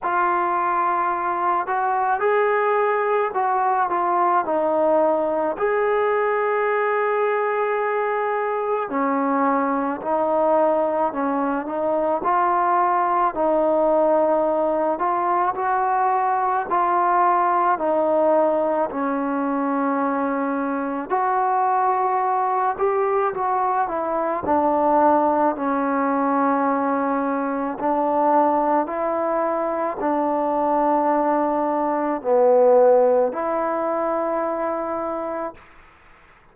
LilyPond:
\new Staff \with { instrumentName = "trombone" } { \time 4/4 \tempo 4 = 54 f'4. fis'8 gis'4 fis'8 f'8 | dis'4 gis'2. | cis'4 dis'4 cis'8 dis'8 f'4 | dis'4. f'8 fis'4 f'4 |
dis'4 cis'2 fis'4~ | fis'8 g'8 fis'8 e'8 d'4 cis'4~ | cis'4 d'4 e'4 d'4~ | d'4 b4 e'2 | }